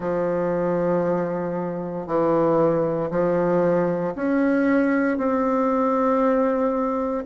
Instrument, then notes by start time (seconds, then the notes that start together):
bassoon
0.00 F3
2.06 E3
3.10 F3
4.15 C#4
5.17 C4